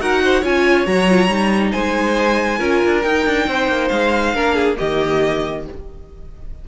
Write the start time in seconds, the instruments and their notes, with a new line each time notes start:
0.00 cello D#4, viola F#4, violin A#4 F#5
0.24 violin C5
0.41 cello C#4, viola F4, violin C#5 G#5
0.86 cello F#3, viola F#4, violin A#5
1.10 viola F4
1.27 cello G3, viola D#4
1.72 cello G#3, violin C5 G#5
2.59 cello C#4, viola F4, violin A#4
2.85 cello D4
3.02 viola D#4, cello D#4, violin G5
3.26 cello D4
3.47 cello C4, violin C5
3.68 cello A#3
3.89 cello G#3, violin F5
4.34 cello A#3, viola D4, violin A#4
4.55 violin G#4
4.76 cello D#3, viola A#3, violin G4 D#5